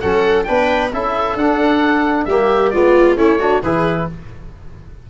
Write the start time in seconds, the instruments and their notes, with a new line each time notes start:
0.00 tuba F#3, trombone C#4, viola A4, oboe F#5
0.44 tuba B3, trombone D4, viola B4, oboe G5
0.93 tuba C#4, trombone E4, viola A4, oboe E5
1.35 tuba D4, trombone D4, oboe F#5
2.25 tuba G3, trombone A#3, viola G4, oboe E5
2.70 tuba G#3, trombone B3, viola F4, oboe D5
3.16 tuba A3, trombone C#4, viola E4, oboe C#5
3.39 trombone D4, viola F#4
3.62 tuba E3, trombone E4, viola G#4, oboe B4